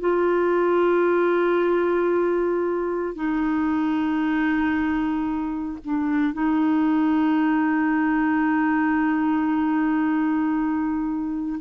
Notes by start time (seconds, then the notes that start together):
0.00 F4
3.16 D#4
5.85 D4
6.33 D#4